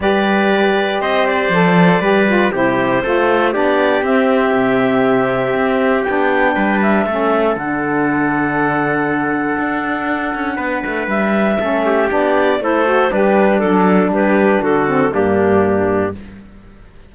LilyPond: <<
  \new Staff \with { instrumentName = "clarinet" } { \time 4/4 \tempo 4 = 119 d''2 dis''8 d''4.~ | d''4 c''2 d''4 | e''1 | g''4. e''4. fis''4~ |
fis''1~ | fis''2 e''2 | d''4 c''4 b'4 a'4 | b'4 a'4 g'2 | }
  \new Staff \with { instrumentName = "trumpet" } { \time 4/4 b'2 c''2 | b'4 g'4 a'4 g'4~ | g'1~ | g'4 b'4 a'2~ |
a'1~ | a'4 b'2 a'8 g'8~ | g'4 a'4 d'2 | g'4 fis'4 d'2 | }
  \new Staff \with { instrumentName = "saxophone" } { \time 4/4 g'2. a'4 | g'8 f'8 e'4 f'4 d'4 | c'1 | d'2 cis'4 d'4~ |
d'1~ | d'2. cis'4 | d'4 e'8 fis'8 g'4 d'4~ | d'4. c'8 ais2 | }
  \new Staff \with { instrumentName = "cello" } { \time 4/4 g2 c'4 f4 | g4 c4 a4 b4 | c'4 c2 c'4 | b4 g4 a4 d4~ |
d2. d'4~ | d'8 cis'8 b8 a8 g4 a4 | b4 a4 g4 fis4 | g4 d4 g,2 | }
>>